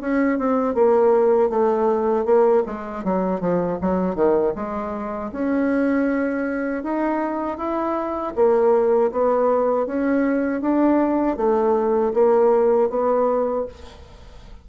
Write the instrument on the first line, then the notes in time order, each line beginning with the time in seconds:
bassoon
0.00 C#4
0.38 C4
0.74 A#3
1.49 A3
2.25 A#3
2.65 G#3
3.03 F#3
3.40 F3
3.81 F#3
4.15 D#3
4.55 G#3
5.32 C#4
6.83 D#4
7.57 E4
8.35 A#3
9.11 B3
9.86 C#4
10.61 D4
11.36 A3
12.13 A#3
12.89 B3